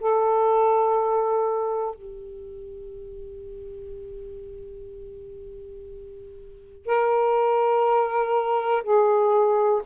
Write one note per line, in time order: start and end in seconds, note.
0.00 1.95 A4
1.95 6.86 G4
6.86 8.83 A#4
8.83 9.82 G#4